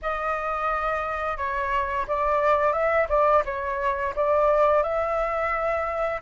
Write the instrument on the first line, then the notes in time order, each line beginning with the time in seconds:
flute
0.02 D#5
1.37 C#5
2.07 D5
2.72 E5
3.08 D5
3.45 C#5
4.15 D5
4.82 E5